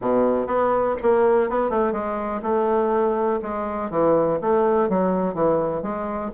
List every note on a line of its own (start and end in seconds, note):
0.01 0.46 B2
0.46 0.95 B3
1.02 1.49 A#3
1.49 1.70 B3
1.70 1.92 A3
1.92 2.41 G#3
2.42 3.40 A3
3.42 3.90 G#3
3.90 4.39 E3
4.41 4.89 A3
4.89 5.34 F#3
5.34 5.82 E3
5.82 6.31 G#3